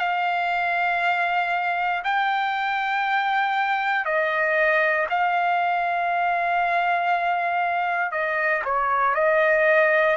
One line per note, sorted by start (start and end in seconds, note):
0.00 2.03 F5
2.05 4.05 G5
4.05 5.07 D#5
5.10 8.12 F5
8.12 8.63 D#5
8.65 9.16 C#5
9.16 10.17 D#5